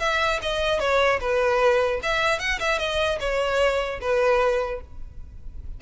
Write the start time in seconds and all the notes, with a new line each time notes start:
0.00 E5
0.42 D#5
0.80 C#5
1.21 B4
2.03 E5
2.40 F#5
2.60 E5
2.79 D#5
3.20 C#5
4.01 B4